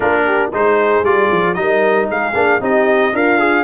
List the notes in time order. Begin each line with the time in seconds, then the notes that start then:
0.00 A#3 D4 F4 A#4
0.25 G4
0.53 G#3 D#4 G#4 C5
1.03 G3 F4 D5
1.31 F3
1.54 G3 D#4 D#5
1.60 A#4
2.08 G#3 G#4 F5
2.34 A#3 D4
2.60 C4 D#4 G4 D#5
3.12 D4 F4 A#4 F5
3.38 G#4